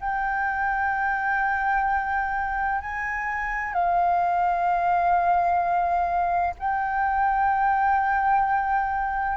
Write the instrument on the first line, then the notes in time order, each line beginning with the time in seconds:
flute
0.00 G5
2.81 G#5
3.73 F5
6.58 G5